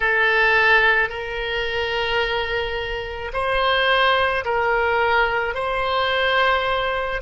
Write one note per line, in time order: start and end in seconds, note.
0.00 1.09 A4
1.09 3.31 A#4
3.33 4.44 C5
4.44 5.54 A#4
5.54 7.21 C5